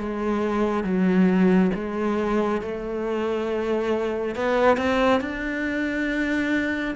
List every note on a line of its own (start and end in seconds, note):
0.00 0.84 G#3
0.84 1.71 F#3
1.75 2.62 G#3
2.62 4.36 A3
4.36 4.77 B3
4.77 5.21 C4
5.21 6.95 D4